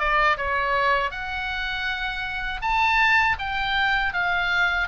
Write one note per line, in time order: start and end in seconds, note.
0.00 0.38 D5
0.38 1.11 C#5
1.11 2.61 F#5
2.62 3.37 A5
3.39 4.14 G5
4.14 4.89 F5